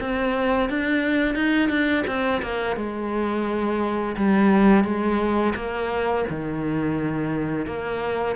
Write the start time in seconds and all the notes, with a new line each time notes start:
0.00 C4
0.69 D4
1.35 D#4
1.69 D4
2.06 C4
2.42 A#3
2.76 G#3
4.16 G3
4.84 G#3
5.55 A#3
6.29 D#3
7.66 A#3